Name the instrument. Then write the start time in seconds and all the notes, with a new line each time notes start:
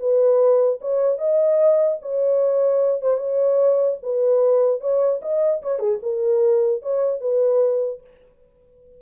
horn
0.00 B4
0.81 C#5
1.18 D#5
2.02 C#5
3.01 C5
3.17 C#5
4.03 B4
4.81 C#5
5.22 D#5
5.62 C#5
5.79 G#4
6.03 A#4
6.82 C#5
7.21 B4